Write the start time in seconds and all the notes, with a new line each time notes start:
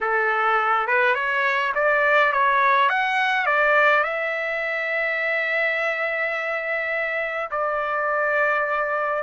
0.00 A4
0.87 B4
1.15 C#5
1.75 D5
2.32 C#5
2.89 F#5
3.46 D5
4.03 E5
7.50 D5